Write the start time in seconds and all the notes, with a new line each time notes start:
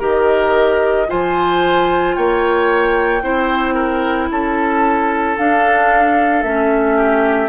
0.00 D#3 G4 A#4 D#5
1.08 F3 F4 C5 G#5
2.15 A#3 C#5 G5
3.23 C4 E4 C5
3.75 A#4
4.31 C#4 A4 A5
5.38 D4 F5
6.43 A3 C#4 E5
6.97 G4